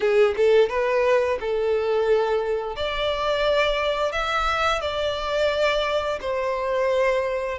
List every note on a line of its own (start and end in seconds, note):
0.00 0.34 G#4
0.36 0.69 A4
0.69 1.38 B4
1.40 2.76 A4
2.76 4.12 D5
4.12 4.81 E5
4.81 6.19 D5
6.20 7.58 C5